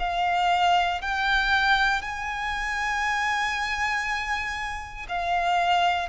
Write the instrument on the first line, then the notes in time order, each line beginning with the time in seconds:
violin
0.00 F5
1.02 G5
2.02 G#5
5.08 F5